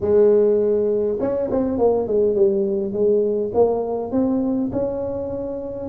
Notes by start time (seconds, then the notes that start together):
0.01 G#3
1.20 C#4
1.50 C4
1.78 A#3
2.07 G#3
2.35 G3
2.92 G#3
3.54 A#3
4.11 C4
4.72 C#4